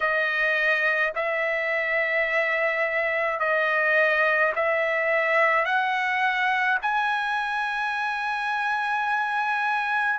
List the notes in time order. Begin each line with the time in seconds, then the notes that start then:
0.00 D#5
1.15 E5
3.39 D#5
4.55 E5
5.64 F#5
6.82 G#5